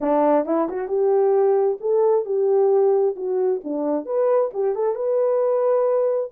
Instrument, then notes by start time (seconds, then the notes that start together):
horn
0.00 D4
0.45 E4
0.68 F#4
0.87 G4
1.80 A4
2.25 G4
3.16 F#4
3.63 D4
4.05 B4
4.53 G4
4.75 A4
4.95 B4